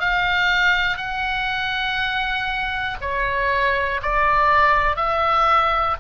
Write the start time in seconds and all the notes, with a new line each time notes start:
0.00 F5
0.97 F#5
3.01 C#5
4.02 D5
4.96 E5